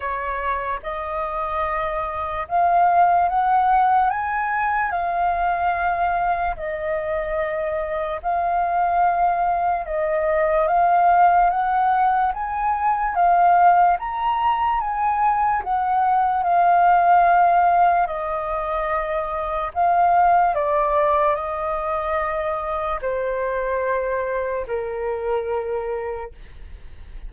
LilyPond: \new Staff \with { instrumentName = "flute" } { \time 4/4 \tempo 4 = 73 cis''4 dis''2 f''4 | fis''4 gis''4 f''2 | dis''2 f''2 | dis''4 f''4 fis''4 gis''4 |
f''4 ais''4 gis''4 fis''4 | f''2 dis''2 | f''4 d''4 dis''2 | c''2 ais'2 | }